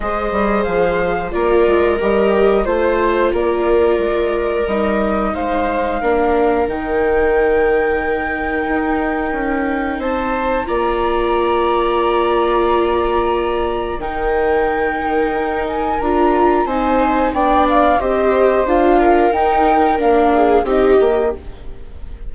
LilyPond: <<
  \new Staff \with { instrumentName = "flute" } { \time 4/4 \tempo 4 = 90 dis''4 f''4 d''4 dis''4 | c''4 d''2 dis''4 | f''2 g''2~ | g''2. a''4 |
ais''1~ | ais''4 g''2~ g''8 gis''8 | ais''4 gis''4 g''8 f''8 dis''4 | f''4 g''4 f''4 dis''4 | }
  \new Staff \with { instrumentName = "viola" } { \time 4/4 c''2 ais'2 | c''4 ais'2. | c''4 ais'2.~ | ais'2. c''4 |
d''1~ | d''4 ais'2.~ | ais'4 c''4 d''4 c''4~ | c''8 ais'2 gis'8 g'4 | }
  \new Staff \with { instrumentName = "viola" } { \time 4/4 gis'2 f'4 g'4 | f'2. dis'4~ | dis'4 d'4 dis'2~ | dis'1 |
f'1~ | f'4 dis'2. | f'4 dis'4 d'4 g'4 | f'4 dis'4 d'4 dis'8 g'8 | }
  \new Staff \with { instrumentName = "bassoon" } { \time 4/4 gis8 g8 f4 ais8 gis8 g4 | a4 ais4 gis4 g4 | gis4 ais4 dis2~ | dis4 dis'4 cis'4 c'4 |
ais1~ | ais4 dis2 dis'4 | d'4 c'4 b4 c'4 | d'4 dis'4 ais4 c'8 ais8 | }
>>